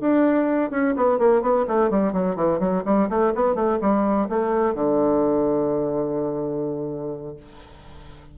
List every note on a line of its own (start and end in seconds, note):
0.00 0.70 D4
0.70 0.94 C#4
0.96 1.18 B3
1.18 1.41 A#3
1.41 1.65 B3
1.68 1.90 A3
1.90 2.13 G3
2.13 2.35 F#3
2.35 2.59 E3
2.59 2.83 F#3
2.85 3.08 G3
3.09 3.33 A3
3.34 3.55 B3
3.55 3.78 A3
3.81 4.28 G3
4.29 4.74 A3
4.74 7.36 D3